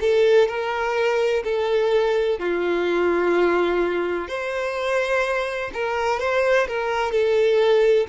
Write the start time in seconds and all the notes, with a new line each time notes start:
0.00 A4
0.48 A#4
1.44 A4
2.39 F4
4.28 C5
5.73 A#4
6.19 C5
6.68 A#4
7.11 A4